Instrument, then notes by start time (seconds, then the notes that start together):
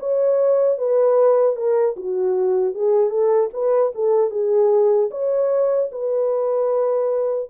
horn
0.00 C#5
0.78 B4
1.56 A#4
1.97 F#4
2.75 G#4
3.10 A4
3.53 B4
3.95 A4
4.31 G#4
5.11 C#5
5.92 B4